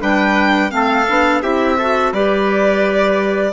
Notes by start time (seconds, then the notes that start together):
0.00 G3 D4 B4 G5
0.70 A3 C4 A4 F5
1.09 B3 D4
1.42 C4 E4 G4 E5
1.78 F#4 A4
2.13 G3 G4 B4 D5